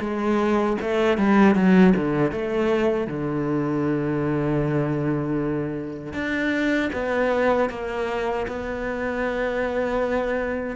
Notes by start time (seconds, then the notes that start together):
0.00 G#3
0.81 A3
1.17 G3
1.55 F#3
1.96 D3
2.31 A3
3.07 D3
6.13 D4
6.93 B3
7.70 A#3
8.48 B3